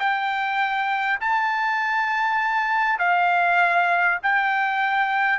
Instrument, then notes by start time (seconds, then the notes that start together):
trumpet
0.00 G5
1.21 A5
2.99 F5
4.23 G5